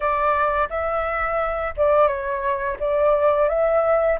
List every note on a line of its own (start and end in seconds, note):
0.00 0.68 D5
0.69 1.74 E5
1.77 2.07 D5
2.07 2.77 C#5
2.79 3.49 D5
3.49 4.18 E5